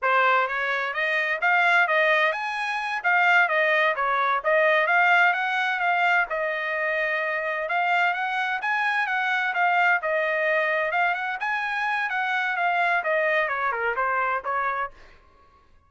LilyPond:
\new Staff \with { instrumentName = "trumpet" } { \time 4/4 \tempo 4 = 129 c''4 cis''4 dis''4 f''4 | dis''4 gis''4. f''4 dis''8~ | dis''8 cis''4 dis''4 f''4 fis''8~ | fis''8 f''4 dis''2~ dis''8~ |
dis''8 f''4 fis''4 gis''4 fis''8~ | fis''8 f''4 dis''2 f''8 | fis''8 gis''4. fis''4 f''4 | dis''4 cis''8 ais'8 c''4 cis''4 | }